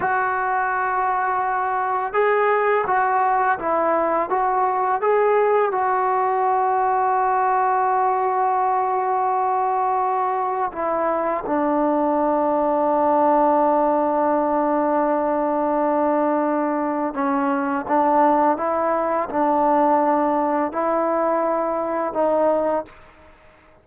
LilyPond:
\new Staff \with { instrumentName = "trombone" } { \time 4/4 \tempo 4 = 84 fis'2. gis'4 | fis'4 e'4 fis'4 gis'4 | fis'1~ | fis'2. e'4 |
d'1~ | d'1 | cis'4 d'4 e'4 d'4~ | d'4 e'2 dis'4 | }